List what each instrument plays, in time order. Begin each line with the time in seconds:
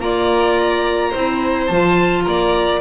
0.00 double bass A#3, clarinet F4, violin D5, oboe A#5
1.10 double bass C4, clarinet E4, violin C5
1.67 double bass F3, clarinet F4, oboe A5
2.24 double bass A#3, violin D5, oboe A#5